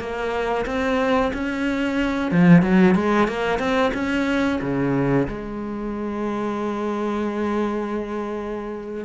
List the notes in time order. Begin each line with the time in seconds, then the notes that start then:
0.00 A#3
0.66 C4
1.34 C#4
2.32 F3
2.63 F#3
2.95 G#3
3.28 A#3
3.59 C4
3.94 C#4
4.62 C#3
5.28 G#3